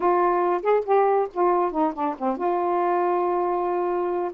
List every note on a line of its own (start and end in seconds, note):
0.00 0.61 F4
0.62 0.84 G#4
0.85 1.28 G4
1.33 1.71 F4
1.71 1.93 D#4
1.93 2.15 D4
2.18 2.37 C4
2.37 4.31 F4